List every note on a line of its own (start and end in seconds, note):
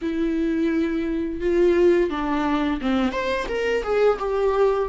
0.01 1.40 E4
1.40 2.10 F4
2.10 2.79 D4
2.81 3.11 C4
3.11 3.46 C5
3.48 3.83 A#4
3.83 4.18 G#4
4.19 4.88 G4